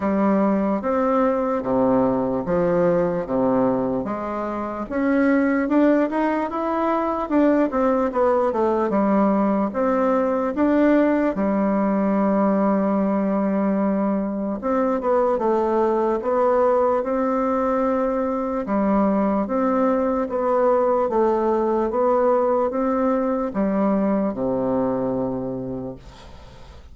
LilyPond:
\new Staff \with { instrumentName = "bassoon" } { \time 4/4 \tempo 4 = 74 g4 c'4 c4 f4 | c4 gis4 cis'4 d'8 dis'8 | e'4 d'8 c'8 b8 a8 g4 | c'4 d'4 g2~ |
g2 c'8 b8 a4 | b4 c'2 g4 | c'4 b4 a4 b4 | c'4 g4 c2 | }